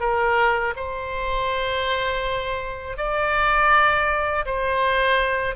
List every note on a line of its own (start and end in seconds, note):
0.00 0.74 A#4
0.76 2.97 C5
2.97 4.45 D5
4.45 5.55 C5